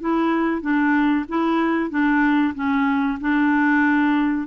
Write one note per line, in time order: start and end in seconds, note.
0.00 0.61 E4
0.61 1.25 D4
1.29 1.90 E4
1.90 2.54 D4
2.54 3.18 C#4
3.21 4.47 D4